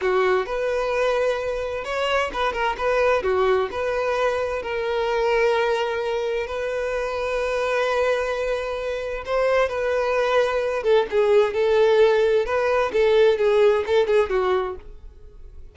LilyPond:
\new Staff \with { instrumentName = "violin" } { \time 4/4 \tempo 4 = 130 fis'4 b'2. | cis''4 b'8 ais'8 b'4 fis'4 | b'2 ais'2~ | ais'2 b'2~ |
b'1 | c''4 b'2~ b'8 a'8 | gis'4 a'2 b'4 | a'4 gis'4 a'8 gis'8 fis'4 | }